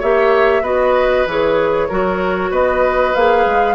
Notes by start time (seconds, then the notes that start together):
0.00 A#3 G4 C#5 E5
0.62 B3 F#4 B4 D#5
1.26 E3 G#4 C#5
1.88 F#3 F#4 A#4
2.51 B3 B4 D#5
3.15 A#3 G#4 F5
3.46 G#3